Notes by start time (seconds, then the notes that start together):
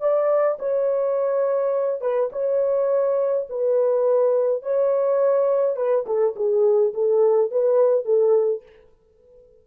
0.00 D5
0.59 C#5
2.01 B4
2.32 C#5
3.49 B4
4.62 C#5
5.76 B4
6.06 A4
6.36 G#4
6.94 A4
7.51 B4
8.05 A4